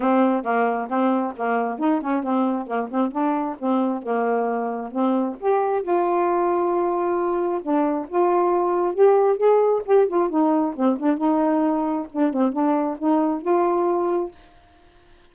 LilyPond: \new Staff \with { instrumentName = "saxophone" } { \time 4/4 \tempo 4 = 134 c'4 ais4 c'4 ais4 | dis'8 cis'8 c'4 ais8 c'8 d'4 | c'4 ais2 c'4 | g'4 f'2.~ |
f'4 d'4 f'2 | g'4 gis'4 g'8 f'8 dis'4 | c'8 d'8 dis'2 d'8 c'8 | d'4 dis'4 f'2 | }